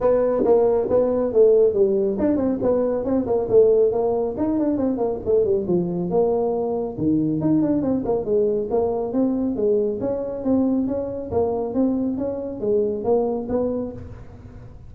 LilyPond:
\new Staff \with { instrumentName = "tuba" } { \time 4/4 \tempo 4 = 138 b4 ais4 b4 a4 | g4 d'8 c'8 b4 c'8 ais8 | a4 ais4 dis'8 d'8 c'8 ais8 | a8 g8 f4 ais2 |
dis4 dis'8 d'8 c'8 ais8 gis4 | ais4 c'4 gis4 cis'4 | c'4 cis'4 ais4 c'4 | cis'4 gis4 ais4 b4 | }